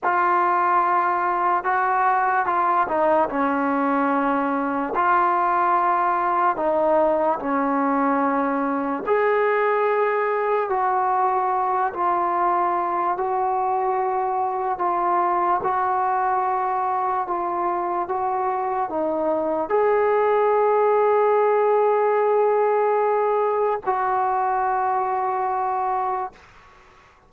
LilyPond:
\new Staff \with { instrumentName = "trombone" } { \time 4/4 \tempo 4 = 73 f'2 fis'4 f'8 dis'8 | cis'2 f'2 | dis'4 cis'2 gis'4~ | gis'4 fis'4. f'4. |
fis'2 f'4 fis'4~ | fis'4 f'4 fis'4 dis'4 | gis'1~ | gis'4 fis'2. | }